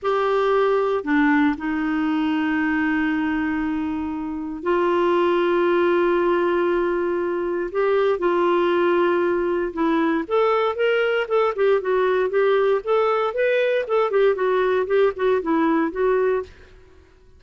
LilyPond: \new Staff \with { instrumentName = "clarinet" } { \time 4/4 \tempo 4 = 117 g'2 d'4 dis'4~ | dis'1~ | dis'4 f'2.~ | f'2. g'4 |
f'2. e'4 | a'4 ais'4 a'8 g'8 fis'4 | g'4 a'4 b'4 a'8 g'8 | fis'4 g'8 fis'8 e'4 fis'4 | }